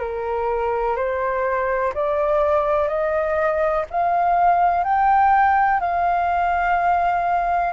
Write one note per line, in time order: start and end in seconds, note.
0.00 0.96 A#4
0.96 1.93 C5
1.94 2.89 D5
2.89 3.85 D#5
3.90 4.84 F5
4.84 5.81 G5
5.81 7.73 F5